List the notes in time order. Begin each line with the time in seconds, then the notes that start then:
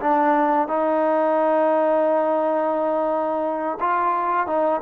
0.00 D4
0.68 D#4
3.80 F4
4.47 D#4